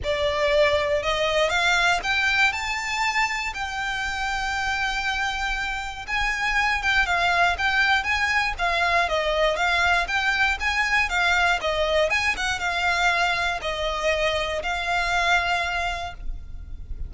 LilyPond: \new Staff \with { instrumentName = "violin" } { \time 4/4 \tempo 4 = 119 d''2 dis''4 f''4 | g''4 a''2 g''4~ | g''1 | gis''4. g''8 f''4 g''4 |
gis''4 f''4 dis''4 f''4 | g''4 gis''4 f''4 dis''4 | gis''8 fis''8 f''2 dis''4~ | dis''4 f''2. | }